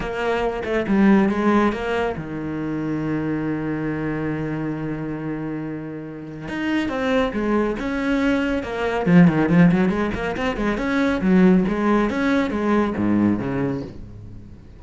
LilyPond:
\new Staff \with { instrumentName = "cello" } { \time 4/4 \tempo 4 = 139 ais4. a8 g4 gis4 | ais4 dis2.~ | dis1~ | dis2. dis'4 |
c'4 gis4 cis'2 | ais4 f8 dis8 f8 fis8 gis8 ais8 | c'8 gis8 cis'4 fis4 gis4 | cis'4 gis4 gis,4 cis4 | }